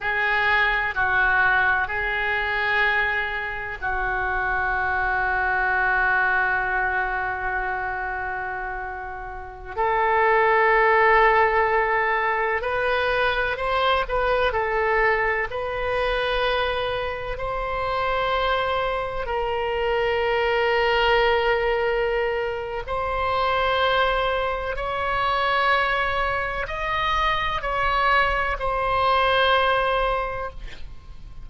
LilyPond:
\new Staff \with { instrumentName = "oboe" } { \time 4/4 \tempo 4 = 63 gis'4 fis'4 gis'2 | fis'1~ | fis'2~ fis'16 a'4.~ a'16~ | a'4~ a'16 b'4 c''8 b'8 a'8.~ |
a'16 b'2 c''4.~ c''16~ | c''16 ais'2.~ ais'8. | c''2 cis''2 | dis''4 cis''4 c''2 | }